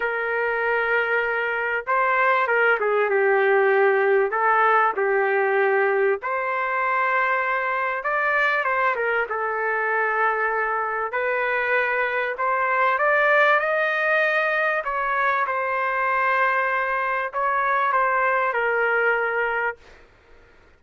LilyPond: \new Staff \with { instrumentName = "trumpet" } { \time 4/4 \tempo 4 = 97 ais'2. c''4 | ais'8 gis'8 g'2 a'4 | g'2 c''2~ | c''4 d''4 c''8 ais'8 a'4~ |
a'2 b'2 | c''4 d''4 dis''2 | cis''4 c''2. | cis''4 c''4 ais'2 | }